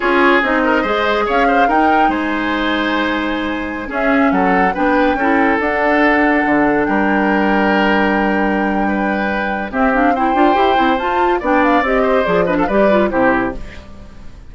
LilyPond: <<
  \new Staff \with { instrumentName = "flute" } { \time 4/4 \tempo 4 = 142 cis''4 dis''2 f''4 | g''4 gis''2.~ | gis''4~ gis''16 e''4 fis''4 g''8.~ | g''4~ g''16 fis''2~ fis''8.~ |
fis''16 g''2.~ g''8.~ | g''2. e''8 f''8 | g''2 a''4 g''8 f''8 | dis''4 d''8 dis''16 f''16 d''4 c''4 | }
  \new Staff \with { instrumentName = "oboe" } { \time 4/4 gis'4. ais'8 c''4 cis''8 c''8 | ais'4 c''2.~ | c''4~ c''16 gis'4 a'4 b'8.~ | b'16 a'2.~ a'8.~ |
a'16 ais'2.~ ais'8.~ | ais'4 b'2 g'4 | c''2. d''4~ | d''8 c''4 b'16 a'16 b'4 g'4 | }
  \new Staff \with { instrumentName = "clarinet" } { \time 4/4 f'4 dis'4 gis'2 | dis'1~ | dis'4~ dis'16 cis'2 d'8.~ | d'16 e'4 d'2~ d'8.~ |
d'1~ | d'2. c'8 d'8 | e'8 f'8 g'8 e'8 f'4 d'4 | g'4 gis'8 d'8 g'8 f'8 e'4 | }
  \new Staff \with { instrumentName = "bassoon" } { \time 4/4 cis'4 c'4 gis4 cis'4 | dis'4 gis2.~ | gis4~ gis16 cis'4 fis4 b8.~ | b16 cis'4 d'2 d8.~ |
d16 g2.~ g8.~ | g2. c'4~ | c'8 d'8 e'8 c'8 f'4 b4 | c'4 f4 g4 c4 | }
>>